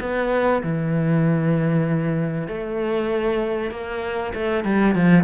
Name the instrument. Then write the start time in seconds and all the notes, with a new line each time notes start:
cello
0.00 B3
0.63 E3
2.47 A3
3.71 A#3
4.34 A3
4.64 G3
4.95 F3